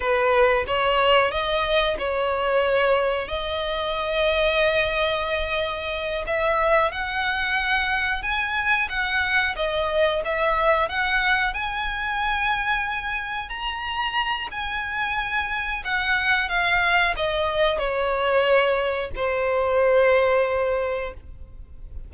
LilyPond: \new Staff \with { instrumentName = "violin" } { \time 4/4 \tempo 4 = 91 b'4 cis''4 dis''4 cis''4~ | cis''4 dis''2.~ | dis''4. e''4 fis''4.~ | fis''8 gis''4 fis''4 dis''4 e''8~ |
e''8 fis''4 gis''2~ gis''8~ | gis''8 ais''4. gis''2 | fis''4 f''4 dis''4 cis''4~ | cis''4 c''2. | }